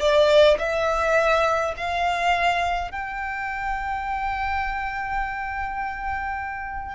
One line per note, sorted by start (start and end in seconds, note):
0.00 0.58 D5
0.59 1.75 E5
1.77 2.92 F5
2.92 6.95 G5